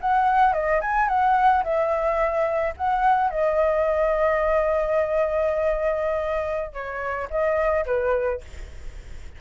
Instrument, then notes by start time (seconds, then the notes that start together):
flute
0.00 F#5
0.53 D#5
0.80 G#5
1.08 F#5
1.63 E5
2.77 F#5
3.30 D#5
6.73 C#5
7.30 D#5
7.85 B4